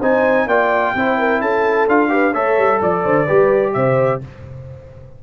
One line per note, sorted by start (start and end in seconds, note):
0.00 0.46 C4
0.00 0.48 D#4
0.00 0.47 C5
0.00 0.48 G#5
0.46 0.92 A#3
0.46 0.96 F4
0.46 0.94 D5
0.46 1.41 G5
0.94 1.41 C4
0.94 1.89 E4
0.94 1.18 C5
1.18 1.41 A#4
1.41 1.87 C#4
1.41 2.11 A4
1.41 1.88 A5
1.87 2.34 D4
1.87 2.09 F4
1.87 2.34 F5
2.09 2.32 G4
2.09 2.33 B4
2.33 2.57 A3
2.33 3.27 A4
2.33 2.80 C#5
2.33 2.81 E5
2.57 2.81 G3
2.81 3.05 F3
2.81 3.05 D5
2.81 3.73 D5
3.05 3.28 D3
3.05 3.25 C5
3.25 3.75 G3
3.25 4.21 G4
3.25 3.72 B4
3.73 4.22 C3
3.73 4.22 C5
3.73 4.20 E5